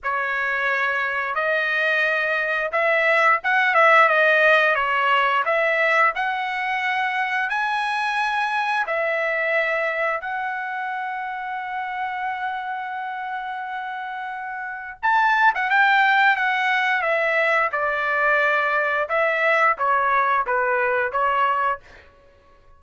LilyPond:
\new Staff \with { instrumentName = "trumpet" } { \time 4/4 \tempo 4 = 88 cis''2 dis''2 | e''4 fis''8 e''8 dis''4 cis''4 | e''4 fis''2 gis''4~ | gis''4 e''2 fis''4~ |
fis''1~ | fis''2 a''8. fis''16 g''4 | fis''4 e''4 d''2 | e''4 cis''4 b'4 cis''4 | }